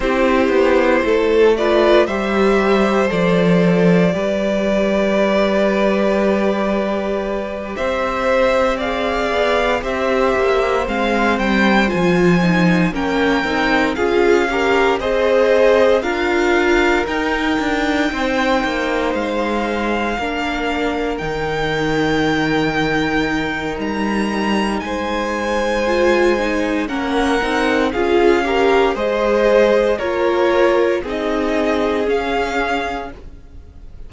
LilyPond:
<<
  \new Staff \with { instrumentName = "violin" } { \time 4/4 \tempo 4 = 58 c''4. d''8 e''4 d''4~ | d''2.~ d''8 e''8~ | e''8 f''4 e''4 f''8 g''8 gis''8~ | gis''8 g''4 f''4 dis''4 f''8~ |
f''8 g''2 f''4.~ | f''8 g''2~ g''8 ais''4 | gis''2 fis''4 f''4 | dis''4 cis''4 dis''4 f''4 | }
  \new Staff \with { instrumentName = "violin" } { \time 4/4 g'4 a'8 b'8 c''2 | b'2.~ b'8 c''8~ | c''8 d''4 c''2~ c''8~ | c''8 ais'4 gis'8 ais'8 c''4 ais'8~ |
ais'4. c''2 ais'8~ | ais'1 | c''2 ais'4 gis'8 ais'8 | c''4 ais'4 gis'2 | }
  \new Staff \with { instrumentName = "viola" } { \time 4/4 e'4. f'8 g'4 a'4 | g'1~ | g'8 gis'4 g'4 c'4 f'8 | dis'8 cis'8 dis'8 f'8 g'8 gis'4 f'8~ |
f'8 dis'2. d'8~ | d'8 dis'2.~ dis'8~ | dis'4 f'8 dis'8 cis'8 dis'8 f'8 g'8 | gis'4 f'4 dis'4 cis'4 | }
  \new Staff \with { instrumentName = "cello" } { \time 4/4 c'8 b8 a4 g4 f4 | g2.~ g8 c'8~ | c'4 b8 c'8 ais8 gis8 g8 f8~ | f8 ais8 c'8 cis'4 c'4 d'8~ |
d'8 dis'8 d'8 c'8 ais8 gis4 ais8~ | ais8 dis2~ dis8 g4 | gis2 ais8 c'8 cis'4 | gis4 ais4 c'4 cis'4 | }
>>